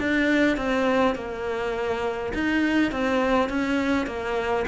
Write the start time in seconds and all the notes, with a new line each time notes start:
0.00 D4
0.57 C4
1.16 A#3
2.34 D#4
2.92 C4
3.50 C#4
4.07 A#3